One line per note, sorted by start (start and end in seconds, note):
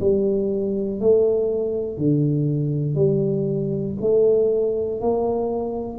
0.00 1.00 G3
1.00 1.98 A3
1.98 2.95 D3
2.95 3.95 G3
4.01 5.01 A3
5.01 5.98 A#3